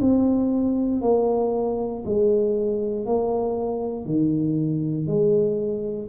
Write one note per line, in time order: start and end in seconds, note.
0.00 1.02 C4
1.02 2.03 A#3
2.06 3.06 G#3
3.06 4.05 A#3
4.05 5.07 D#3
5.07 6.08 G#3